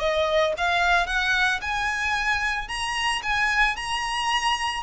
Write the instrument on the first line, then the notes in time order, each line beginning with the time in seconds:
violin
0.00 D#5
0.57 F5
1.07 F#5
1.61 G#5
2.68 A#5
3.23 G#5
3.76 A#5